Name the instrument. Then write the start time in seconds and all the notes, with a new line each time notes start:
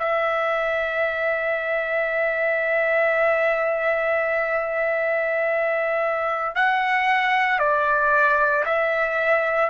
trumpet
0.00 E5
6.56 F#5
7.59 D5
8.66 E5